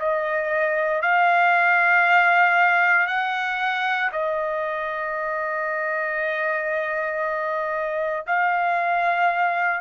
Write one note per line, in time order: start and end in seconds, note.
0.00 1.02 D#5
1.02 3.08 F5
3.08 4.11 F#5
4.12 8.26 D#5
8.27 9.81 F5